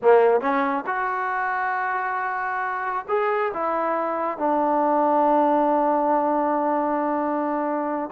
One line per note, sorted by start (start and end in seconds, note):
0.02 0.40 A#3
0.40 0.84 C#4
0.86 3.05 F#4
3.08 3.52 G#4
3.53 4.37 E4
4.37 8.10 D4